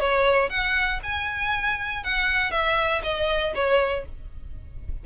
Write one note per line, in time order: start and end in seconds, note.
0.00 0.50 C#5
0.50 1.00 F#5
1.03 2.04 G#5
2.04 2.51 F#5
2.51 3.01 E5
3.03 3.53 D#5
3.55 4.05 C#5